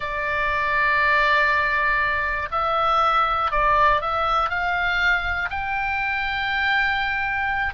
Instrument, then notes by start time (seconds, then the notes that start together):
oboe
0.00 D5
2.51 E5
3.51 D5
4.01 E5
4.49 F5
5.50 G5